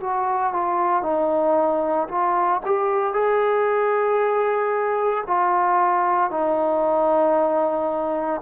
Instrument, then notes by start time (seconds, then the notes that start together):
trombone
0.00 F#4
0.53 F4
1.02 D#4
2.08 F4
2.65 G4
3.13 G#4
5.27 F4
6.30 D#4